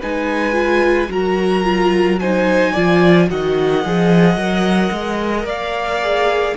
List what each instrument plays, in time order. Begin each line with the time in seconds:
0.00 cello G#3, viola D#4, violin B4 G#5
0.53 viola F4
1.09 cello F#3, viola F#4, violin A#4 A#5
1.64 viola F4
2.20 viola D#4, violin C5 G#5
2.73 cello F3, viola F4, violin D5
3.28 cello D#3, viola F#4, violin D#5 F#5
3.85 cello F3, viola G#4
4.36 cello F#3, viola A#4
4.92 cello G#3
5.45 cello A#3, violin D5 F5
6.02 viola G#4